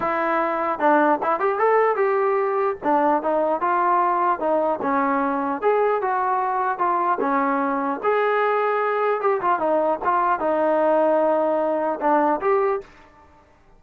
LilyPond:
\new Staff \with { instrumentName = "trombone" } { \time 4/4 \tempo 4 = 150 e'2 d'4 e'8 g'8 | a'4 g'2 d'4 | dis'4 f'2 dis'4 | cis'2 gis'4 fis'4~ |
fis'4 f'4 cis'2 | gis'2. g'8 f'8 | dis'4 f'4 dis'2~ | dis'2 d'4 g'4 | }